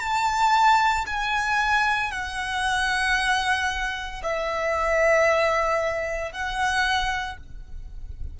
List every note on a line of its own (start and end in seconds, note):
0.00 1.05 A5
1.07 2.11 G#5
2.11 4.22 F#5
4.23 6.32 E5
6.32 7.37 F#5